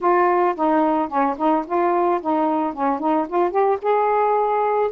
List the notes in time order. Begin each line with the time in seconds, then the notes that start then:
0.00 F4
0.55 D#4
1.08 C#4
1.37 D#4
1.66 F4
2.21 D#4
2.73 C#4
2.99 D#4
3.28 F4
3.51 G4
3.82 G#4